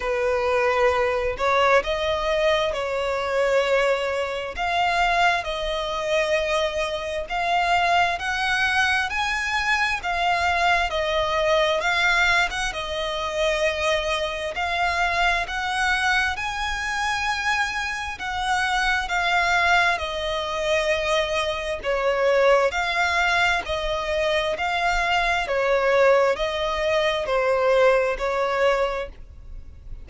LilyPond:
\new Staff \with { instrumentName = "violin" } { \time 4/4 \tempo 4 = 66 b'4. cis''8 dis''4 cis''4~ | cis''4 f''4 dis''2 | f''4 fis''4 gis''4 f''4 | dis''4 f''8. fis''16 dis''2 |
f''4 fis''4 gis''2 | fis''4 f''4 dis''2 | cis''4 f''4 dis''4 f''4 | cis''4 dis''4 c''4 cis''4 | }